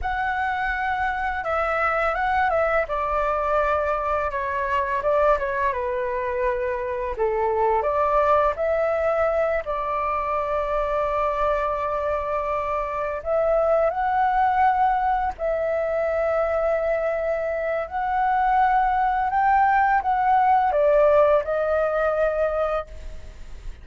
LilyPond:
\new Staff \with { instrumentName = "flute" } { \time 4/4 \tempo 4 = 84 fis''2 e''4 fis''8 e''8 | d''2 cis''4 d''8 cis''8 | b'2 a'4 d''4 | e''4. d''2~ d''8~ |
d''2~ d''8 e''4 fis''8~ | fis''4. e''2~ e''8~ | e''4 fis''2 g''4 | fis''4 d''4 dis''2 | }